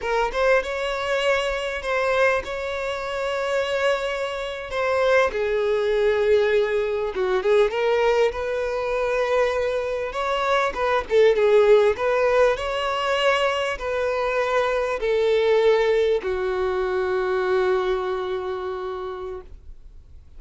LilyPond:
\new Staff \with { instrumentName = "violin" } { \time 4/4 \tempo 4 = 99 ais'8 c''8 cis''2 c''4 | cis''2.~ cis''8. c''16~ | c''8. gis'2. fis'16~ | fis'16 gis'8 ais'4 b'2~ b'16~ |
b'8. cis''4 b'8 a'8 gis'4 b'16~ | b'8. cis''2 b'4~ b'16~ | b'8. a'2 fis'4~ fis'16~ | fis'1 | }